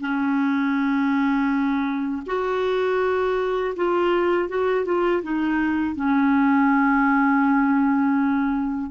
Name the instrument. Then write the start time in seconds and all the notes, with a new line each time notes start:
clarinet
0.00 C#4
2.26 F#4
3.75 F4
4.48 F#4
4.85 F4
5.23 D#4
5.95 C#4